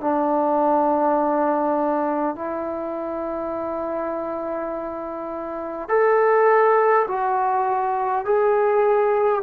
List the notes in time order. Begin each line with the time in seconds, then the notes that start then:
0.00 D4
2.35 E4
5.88 A4
7.07 F#4
8.25 G#4